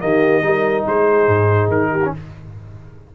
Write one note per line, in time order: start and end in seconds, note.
0.00 0.42 D#3
0.00 0.42 A#3
0.00 0.45 G4
0.00 0.85 D#5
0.42 0.84 G3
0.42 1.99 D#4
0.42 0.86 A#4
0.86 1.28 G#3
0.86 1.91 G#4
0.86 1.71 C5
1.28 1.68 G#2
1.68 2.10 D#3
1.68 2.13 A#4
1.91 2.12 G4
2.04 2.15 C#4